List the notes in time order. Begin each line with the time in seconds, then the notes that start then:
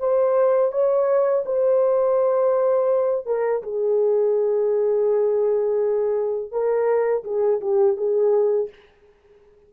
0.00 C5
0.72 C#5
1.46 C5
3.27 A#4
3.63 G#4
6.52 A#4
7.25 G#4
7.61 G4
7.97 G#4